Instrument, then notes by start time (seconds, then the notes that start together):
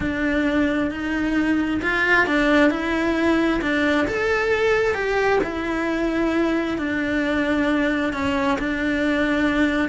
cello
0.00 D4
0.90 D#4
1.82 F4
2.27 D4
2.70 E4
3.61 D4
4.07 A4
4.94 G4
5.43 E4
6.78 D4
8.13 C#4
8.58 D4